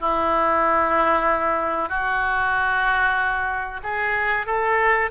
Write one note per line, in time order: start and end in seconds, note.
0.00 1.89 E4
1.89 3.81 F#4
3.83 4.46 G#4
4.46 5.10 A4